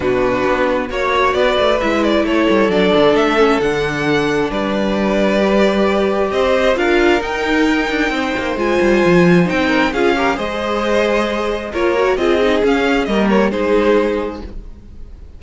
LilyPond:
<<
  \new Staff \with { instrumentName = "violin" } { \time 4/4 \tempo 4 = 133 b'2 cis''4 d''4 | e''8 d''8 cis''4 d''4 e''4 | fis''2 d''2~ | d''2 dis''4 f''4 |
g''2. gis''4~ | gis''4 g''4 f''4 dis''4~ | dis''2 cis''4 dis''4 | f''4 dis''8 cis''8 c''2 | }
  \new Staff \with { instrumentName = "violin" } { \time 4/4 fis'2 cis''4 b'4~ | b'4 a'2.~ | a'2 b'2~ | b'2 c''4 ais'4~ |
ais'2 c''2~ | c''4. ais'8 gis'8 ais'8 c''4~ | c''2 ais'4 gis'4~ | gis'4 ais'4 gis'2 | }
  \new Staff \with { instrumentName = "viola" } { \time 4/4 d'2 fis'2 | e'2 d'4. cis'8 | d'1 | g'2. f'4 |
dis'2. f'4~ | f'4 dis'4 f'8 g'8 gis'4~ | gis'2 f'8 fis'8 f'8 dis'8 | cis'4 ais4 dis'2 | }
  \new Staff \with { instrumentName = "cello" } { \time 4/4 b,4 b4 ais4 b8 a8 | gis4 a8 g8 fis8 d8 a4 | d2 g2~ | g2 c'4 d'4 |
dis'4. d'8 c'8 ais8 gis8 g8 | f4 c'4 cis'4 gis4~ | gis2 ais4 c'4 | cis'4 g4 gis2 | }
>>